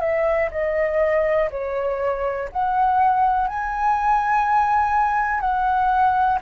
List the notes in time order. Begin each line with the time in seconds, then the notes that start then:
0.00 E5
0.51 D#5
1.50 C#5
2.52 F#5
3.47 G#5
5.40 F#5